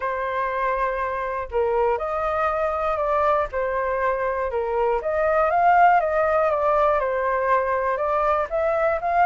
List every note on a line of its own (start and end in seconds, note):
0.00 1.48 C5
1.51 1.97 A#4
1.97 2.97 D#5
2.97 3.47 D5
3.51 4.50 C5
4.50 5.00 A#4
5.01 5.50 D#5
5.50 6.00 F5
6.00 6.50 D#5
6.50 6.99 D5
6.99 7.97 C5
7.97 8.47 D5
8.50 9.00 E5
9.01 9.26 F5